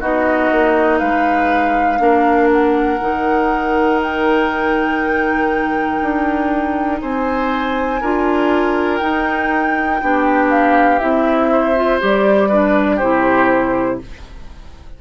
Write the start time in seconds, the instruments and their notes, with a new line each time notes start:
0.00 bassoon B3, clarinet D#4, oboe F#4, flute D#5
0.52 bassoon A#3
0.99 bassoon G#3, oboe B4, flute F5
1.99 bassoon A#3, clarinet D4, oboe A#4
2.52 flute F#5
3.01 bassoon D#3, clarinet D#4
4.02 flute G5
6.01 bassoon D4
7.00 bassoon C4, oboe C5, flute G#5
8.01 bassoon D4, clarinet F4, oboe A#4
8.97 bassoon D#4, clarinet D#4, flute G5
10.01 bassoon B3, clarinet D4, oboe G4
10.50 flute F5
10.99 bassoon C4, clarinet E4, flute E5
11.51 oboe C5
11.76 clarinet F4
12.00 bassoon G3, clarinet G4, flute D5
12.49 clarinet D4, oboe B4
12.96 bassoon C3, clarinet E4, oboe G4, flute C5